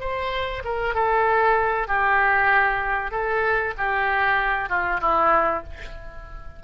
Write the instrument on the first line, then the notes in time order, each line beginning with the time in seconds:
oboe
0.00 C5
0.64 A#4
0.94 A4
1.87 G4
3.11 A4
3.77 G4
4.69 F4
5.01 E4